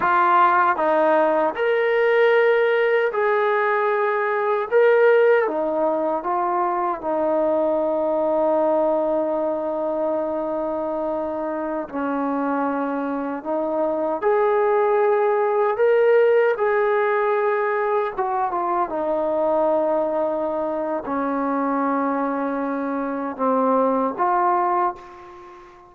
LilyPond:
\new Staff \with { instrumentName = "trombone" } { \time 4/4 \tempo 4 = 77 f'4 dis'4 ais'2 | gis'2 ais'4 dis'4 | f'4 dis'2.~ | dis'2.~ dis'16 cis'8.~ |
cis'4~ cis'16 dis'4 gis'4.~ gis'16~ | gis'16 ais'4 gis'2 fis'8 f'16~ | f'16 dis'2~ dis'8. cis'4~ | cis'2 c'4 f'4 | }